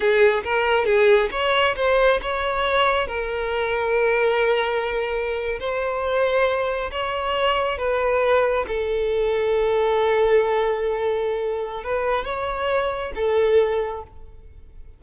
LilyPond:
\new Staff \with { instrumentName = "violin" } { \time 4/4 \tempo 4 = 137 gis'4 ais'4 gis'4 cis''4 | c''4 cis''2 ais'4~ | ais'1~ | ais'8. c''2. cis''16~ |
cis''4.~ cis''16 b'2 a'16~ | a'1~ | a'2. b'4 | cis''2 a'2 | }